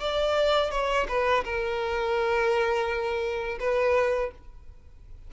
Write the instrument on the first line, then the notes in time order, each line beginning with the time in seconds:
violin
0.00 D5
0.71 C#5
1.08 B4
1.44 A#4
3.60 B4